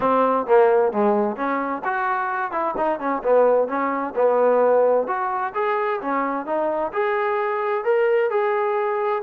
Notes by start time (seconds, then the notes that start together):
0.00 C4
0.46 A#3
0.92 G#3
1.36 C#4
1.84 F#4
2.51 E4
2.77 D#4
2.99 C#4
3.23 B3
3.68 C#4
4.15 B3
5.07 F#4
5.54 G#4
6.01 C#4
6.46 D#4
6.92 G#4
7.84 A#4
8.30 G#4